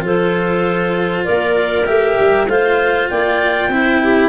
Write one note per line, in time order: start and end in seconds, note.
0.00 1.26 F3
0.00 1.84 F4
0.00 1.24 A4
0.00 1.25 C5
1.24 1.87 A#3
1.24 2.47 A#4
1.24 1.86 D5
1.86 2.18 A3
1.86 2.47 G4
1.86 2.47 E5
2.19 2.47 G3
2.47 3.09 A3
2.47 3.72 F4
2.47 3.10 C5
2.47 3.09 F5
3.09 3.68 A#3
3.09 3.69 D5
3.09 4.29 G5
3.68 4.29 C4
3.68 4.29 E4
3.68 4.00 C5
4.03 4.29 G4